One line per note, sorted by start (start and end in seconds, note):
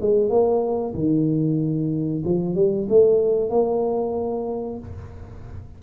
0.00 0.29 G#3
0.29 0.94 A#3
0.94 2.23 D#3
2.24 2.55 F3
2.55 2.87 G3
2.89 3.50 A3
3.50 4.79 A#3